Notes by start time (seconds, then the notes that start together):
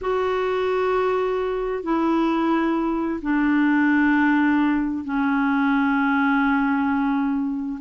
0.01 F#4
1.83 E4
3.22 D4
5.04 C#4